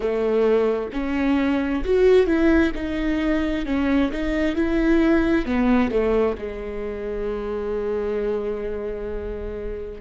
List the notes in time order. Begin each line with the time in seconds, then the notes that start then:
0.00 A3
0.93 C#4
1.84 F#4
2.26 E4
2.74 D#4
3.65 C#4
4.12 D#4
4.55 E4
5.45 B3
5.90 A3
6.38 G#3